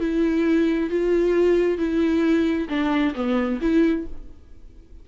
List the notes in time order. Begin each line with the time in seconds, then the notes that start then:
0.00 E4
0.90 F4
1.78 E4
2.69 D4
3.15 B3
3.62 E4